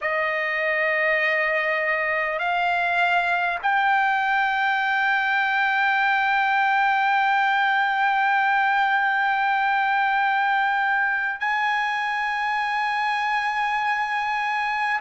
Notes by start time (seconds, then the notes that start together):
0.01 D#5
2.38 F5
3.62 G5
11.40 G#5